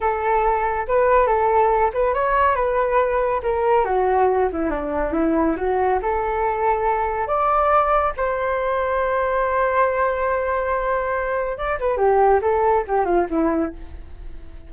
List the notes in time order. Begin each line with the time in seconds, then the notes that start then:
0.01 A4
0.87 B4
1.26 A4
1.93 B4
2.14 C#5
2.55 B4
3.42 A#4
3.84 F#4
4.52 E4
4.70 D4
5.13 E4
5.56 F#4
6.02 A4
7.27 D5
8.16 C5
11.57 D5
11.79 B4
11.97 G4
12.41 A4
12.87 G4
13.05 F4
13.30 E4